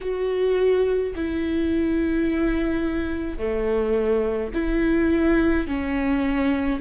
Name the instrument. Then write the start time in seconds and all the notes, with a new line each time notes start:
viola
0.00 F#4
1.15 E4
3.38 A3
4.53 E4
5.67 C#4